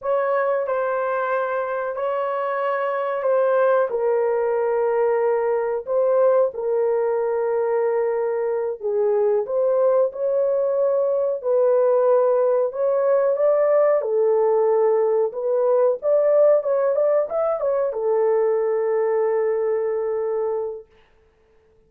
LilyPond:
\new Staff \with { instrumentName = "horn" } { \time 4/4 \tempo 4 = 92 cis''4 c''2 cis''4~ | cis''4 c''4 ais'2~ | ais'4 c''4 ais'2~ | ais'4. gis'4 c''4 cis''8~ |
cis''4. b'2 cis''8~ | cis''8 d''4 a'2 b'8~ | b'8 d''4 cis''8 d''8 e''8 cis''8 a'8~ | a'1 | }